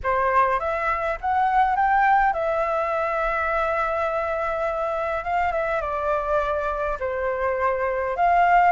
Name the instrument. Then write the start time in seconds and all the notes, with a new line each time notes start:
flute
0.03 C5
0.59 E5
1.20 F#5
1.76 G5
2.33 E5
5.23 F5
5.52 E5
5.81 D5
6.99 C5
8.16 F5